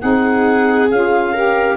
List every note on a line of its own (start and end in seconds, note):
0.00 0.91 C4
0.00 0.88 D#4
0.00 1.33 G#4
0.00 0.89 F#5
0.91 1.78 C#4
0.91 1.35 F4
0.91 1.78 F5
1.33 1.78 G4
1.33 1.77 A#4